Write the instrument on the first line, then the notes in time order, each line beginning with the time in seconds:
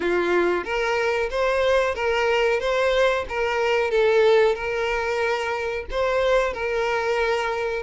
violin
0.00 F4
0.64 A#4
1.30 C5
1.94 A#4
2.60 C5
3.28 A#4
3.90 A4
4.55 A#4
5.90 C5
6.53 A#4